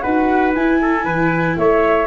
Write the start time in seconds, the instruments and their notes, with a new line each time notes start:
0.00 tuba D#4, viola F#4, trumpet B4, flute F#5
0.54 tuba E4, viola E4, flute G#5
0.81 trumpet A4
1.04 tuba E3, trumpet B4
1.57 tuba A3, trumpet C#5, flute E5